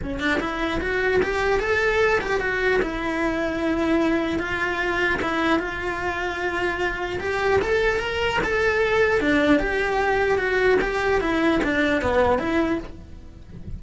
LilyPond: \new Staff \with { instrumentName = "cello" } { \time 4/4 \tempo 4 = 150 cis'8 d'8 e'4 fis'4 g'4 | a'4. g'8 fis'4 e'4~ | e'2. f'4~ | f'4 e'4 f'2~ |
f'2 g'4 a'4 | ais'4 a'2 d'4 | g'2 fis'4 g'4 | e'4 d'4 b4 e'4 | }